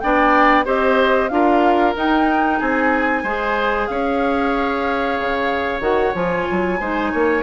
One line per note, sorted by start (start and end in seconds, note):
0.00 0.66 B3
0.00 0.65 D4
0.00 0.65 D5
0.00 0.65 G5
0.65 1.30 C4
0.65 1.30 G4
0.65 1.30 C5
0.65 1.29 D#5
1.29 1.95 D4
1.29 1.95 F4
1.29 2.59 A#4
1.29 1.93 F5
1.95 3.24 D#4
1.95 2.60 D#4
1.95 2.60 G5
2.59 3.24 C4
2.59 3.23 G#4
2.59 3.87 G#5
3.23 3.88 G#3
3.23 5.81 G#4
3.23 3.87 C5
3.87 5.19 C#4
3.87 6.79 C#5
3.87 5.81 F5
5.19 5.80 C#3
5.80 6.12 D#3
5.80 6.13 F#4
5.80 6.14 F#5
6.14 6.47 F3
6.14 6.79 F4
6.14 7.43 G#5
6.51 6.80 F#3
6.79 7.12 G#3
6.79 7.43 D#4
6.79 7.11 C5
7.11 7.43 A#3
7.11 7.43 C#5